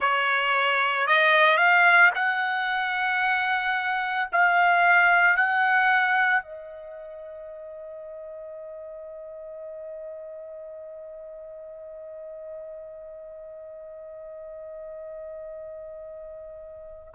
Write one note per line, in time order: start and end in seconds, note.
0.00 1.07 C#5
1.07 1.57 D#5
1.57 2.10 F5
2.14 4.29 F#5
4.31 5.36 F5
5.36 6.42 F#5
6.42 17.14 D#5